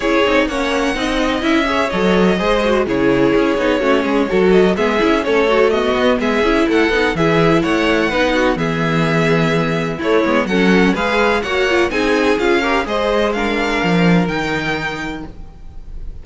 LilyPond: <<
  \new Staff \with { instrumentName = "violin" } { \time 4/4 \tempo 4 = 126 cis''4 fis''2 e''4 | dis''2 cis''2~ | cis''4. dis''8 e''4 cis''4 | dis''4 e''4 fis''4 e''4 |
fis''2 e''2~ | e''4 cis''4 fis''4 f''4 | fis''4 gis''4 f''4 dis''4 | f''2 g''2 | }
  \new Staff \with { instrumentName = "violin" } { \time 4/4 gis'4 cis''4 dis''4. cis''8~ | cis''4 c''4 gis'2 | fis'8 gis'8 a'4 gis'4 a'4 | fis'4 gis'4 a'4 gis'4 |
cis''4 b'8 fis'8 gis'2~ | gis'4 e'4 a'4 b'4 | cis''4 gis'4. ais'8 c''4 | ais'1 | }
  \new Staff \with { instrumentName = "viola" } { \time 4/4 e'8 dis'8 cis'4 dis'4 e'8 gis'8 | a'4 gis'8 fis'8 e'4. dis'8 | cis'4 fis'4 b8 e'8 cis'8 fis'8 | b4. e'4 dis'8 e'4~ |
e'4 dis'4 b2~ | b4 a8 b8 cis'4 gis'4 | fis'8 f'8 dis'4 f'8 g'8 gis'4 | d'2 dis'2 | }
  \new Staff \with { instrumentName = "cello" } { \time 4/4 cis'8 c'8 ais4 c'4 cis'4 | fis4 gis4 cis4 cis'8 b8 | a8 gis8 fis4 gis8 cis'8 a4~ | a8 b8 gis8 cis'8 a8 b8 e4 |
a4 b4 e2~ | e4 a8 gis8 fis4 gis4 | ais4 c'4 cis'4 gis4~ | gis4 f4 dis2 | }
>>